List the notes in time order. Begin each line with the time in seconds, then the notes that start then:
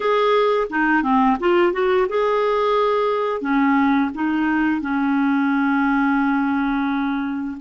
0.00 G#4
0.70 D#4
1.02 C4
1.39 F4
1.72 F#4
2.08 G#4
3.41 C#4
4.14 D#4
4.81 C#4